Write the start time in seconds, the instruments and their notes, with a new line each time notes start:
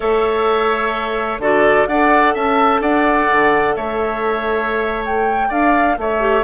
0.00 bassoon A3, clarinet A4, oboe C#5, flute E5
1.38 bassoon D3, clarinet F#4, oboe A4, flute D5
1.87 bassoon D4, clarinet A4, oboe D5, flute F#5
2.34 bassoon C#4, oboe E5, flute A5
2.80 bassoon D4, oboe D5, flute F#5
3.31 bassoon D3
3.75 bassoon A3, oboe C#5, flute E5
5.05 flute G5
5.48 bassoon D4, oboe D5, flute F5
5.97 bassoon A3, oboe C#5, flute E5
6.20 clarinet G4